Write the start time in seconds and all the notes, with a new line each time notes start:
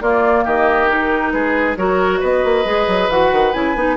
0.00 A#3 F4 D5
0.44 D#3 G4 D#5
0.87 D#4 A#4
1.31 G#3 G#4 B4
1.77 F#3 F#4 A#4 C#5
2.20 B3 B4 D#5
2.44 A#3
2.65 G#3 G#4
2.87 F#3
3.09 E3 F#4 F#5
3.32 D#3
3.53 C#3 E4 G#5
3.75 B3 D#4